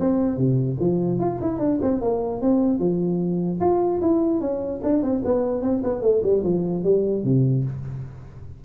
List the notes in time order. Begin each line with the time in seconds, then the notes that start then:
0.00 C4
0.37 C3
0.80 F3
1.20 F4
1.41 E4
1.59 D4
1.82 C4
2.01 A#3
2.42 C4
2.79 F3
3.60 F4
4.01 E4
4.41 C#4
4.83 D4
5.02 C4
5.25 B3
5.62 C4
5.84 B3
6.02 A3
6.23 G3
6.43 F3
6.84 G3
7.24 C3